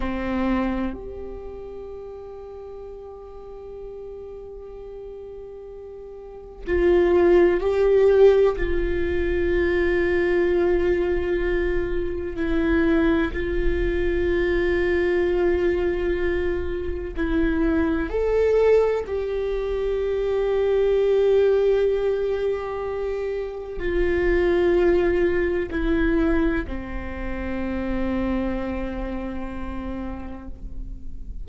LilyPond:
\new Staff \with { instrumentName = "viola" } { \time 4/4 \tempo 4 = 63 c'4 g'2.~ | g'2. f'4 | g'4 f'2.~ | f'4 e'4 f'2~ |
f'2 e'4 a'4 | g'1~ | g'4 f'2 e'4 | c'1 | }